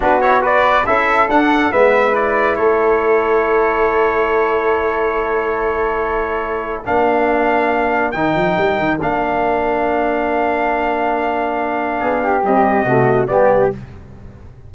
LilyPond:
<<
  \new Staff \with { instrumentName = "trumpet" } { \time 4/4 \tempo 4 = 140 b'8 cis''8 d''4 e''4 fis''4 | e''4 d''4 cis''2~ | cis''1~ | cis''1 |
f''2. g''4~ | g''4 f''2.~ | f''1~ | f''4 dis''2 d''4 | }
  \new Staff \with { instrumentName = "flute" } { \time 4/4 fis'4 b'4 a'2 | b'2 a'2~ | a'1~ | a'1 |
ais'1~ | ais'1~ | ais'1 | gis'8 g'4. fis'4 g'4 | }
  \new Staff \with { instrumentName = "trombone" } { \time 4/4 d'8 e'8 fis'4 e'4 d'4 | b4 e'2.~ | e'1~ | e'1 |
d'2. dis'4~ | dis'4 d'2.~ | d'1~ | d'4 g4 a4 b4 | }
  \new Staff \with { instrumentName = "tuba" } { \time 4/4 b2 cis'4 d'4 | gis2 a2~ | a1~ | a1 |
ais2. dis8 f8 | g8 dis8 ais2.~ | ais1 | b4 c'4 c4 g4 | }
>>